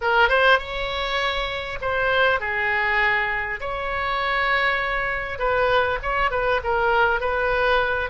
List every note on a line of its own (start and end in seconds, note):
0.01 0.28 A#4
0.28 0.58 C5
0.58 1.78 C#5
1.81 2.40 C5
2.40 3.60 G#4
3.60 5.38 C#5
5.38 5.98 B4
6.02 6.31 C#5
6.31 6.61 B4
6.63 7.20 A#4
7.20 8.10 B4